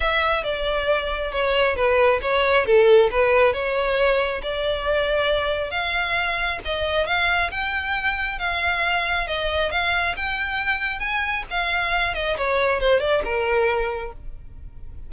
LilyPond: \new Staff \with { instrumentName = "violin" } { \time 4/4 \tempo 4 = 136 e''4 d''2 cis''4 | b'4 cis''4 a'4 b'4 | cis''2 d''2~ | d''4 f''2 dis''4 |
f''4 g''2 f''4~ | f''4 dis''4 f''4 g''4~ | g''4 gis''4 f''4. dis''8 | cis''4 c''8 d''8 ais'2 | }